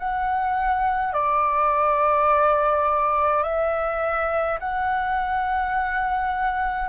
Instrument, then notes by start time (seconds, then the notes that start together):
flute
0.00 F#5
1.13 D5
3.44 E5
4.60 F#5